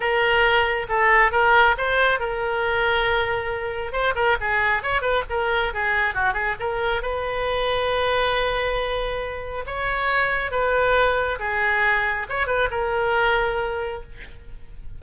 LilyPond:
\new Staff \with { instrumentName = "oboe" } { \time 4/4 \tempo 4 = 137 ais'2 a'4 ais'4 | c''4 ais'2.~ | ais'4 c''8 ais'8 gis'4 cis''8 b'8 | ais'4 gis'4 fis'8 gis'8 ais'4 |
b'1~ | b'2 cis''2 | b'2 gis'2 | cis''8 b'8 ais'2. | }